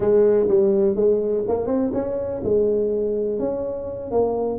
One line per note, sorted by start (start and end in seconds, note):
0.00 0.47 G#3
0.48 0.95 G3
0.95 1.44 G#3
1.48 1.66 A#3
1.66 1.91 C4
1.93 2.41 C#4
2.43 3.39 G#3
3.39 4.11 C#4
4.11 4.58 A#3